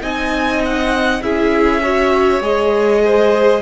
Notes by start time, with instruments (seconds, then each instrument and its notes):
0.00 cello C4, viola D#4, violin D#5 G#5
0.64 violin F#5
1.22 cello C#4, viola E4, violin G#4 E5
1.82 viola F#4, violin C#5
2.40 cello G#3, viola G#4, violin D#5
3.04 violin C5